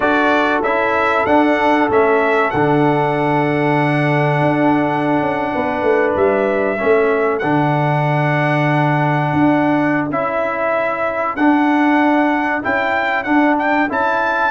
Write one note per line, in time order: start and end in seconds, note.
0.00 0.61 D4
0.00 0.63 F#4
0.00 5.50 A4
0.00 0.62 D5
0.61 1.24 C#4
0.61 1.27 E4
0.61 1.26 E5
1.26 1.89 D4
1.26 1.89 F#5
1.89 2.52 A3
1.89 2.52 C#4
1.89 2.50 E5
2.50 4.41 D3
2.50 6.13 F#5
2.56 6.78 D4
4.41 5.19 D4
5.19 5.51 C#4
5.53 5.82 B3
5.53 6.79 B4
5.82 6.14 A3
6.16 6.79 G3
6.16 7.38 E5
6.78 7.43 A3
6.78 7.41 C#4
6.78 14.51 A4
7.38 9.32 D3
7.38 10.10 D4
7.38 10.07 F#5
9.32 10.10 D4
10.10 11.36 C#4
10.10 11.37 E4
10.10 11.36 E5
11.36 12.62 D4
11.36 12.62 F#5
12.62 13.26 C#4
12.62 13.25 E4
12.62 13.23 G5
13.23 13.88 D4
13.23 13.89 D4
13.23 13.55 F#5
13.58 13.90 G5
13.89 14.51 C#4
13.89 14.51 E4
13.89 14.51 A5